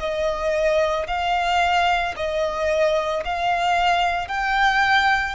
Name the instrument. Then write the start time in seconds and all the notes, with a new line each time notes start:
violin
0.00 D#5
1.08 F5
2.17 D#5
3.25 F5
4.28 G5